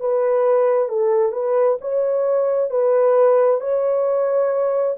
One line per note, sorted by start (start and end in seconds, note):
0.00 0.89 B4
0.89 1.32 A4
1.32 1.78 B4
1.81 2.70 C#5
2.70 3.61 B4
3.61 4.97 C#5